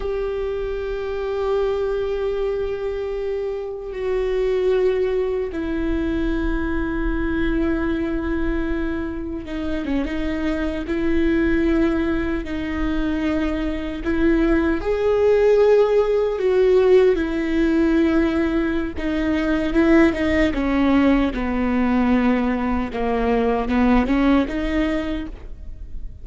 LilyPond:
\new Staff \with { instrumentName = "viola" } { \time 4/4 \tempo 4 = 76 g'1~ | g'4 fis'2 e'4~ | e'1 | dis'8 cis'16 dis'4 e'2 dis'16~ |
dis'4.~ dis'16 e'4 gis'4~ gis'16~ | gis'8. fis'4 e'2~ e'16 | dis'4 e'8 dis'8 cis'4 b4~ | b4 ais4 b8 cis'8 dis'4 | }